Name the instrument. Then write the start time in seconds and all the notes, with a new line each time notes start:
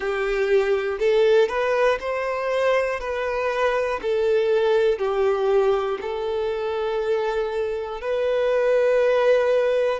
violin
0.00 G4
0.99 A4
1.48 B4
2.00 C5
3.00 B4
4.02 A4
4.98 G4
6.00 A4
8.01 B4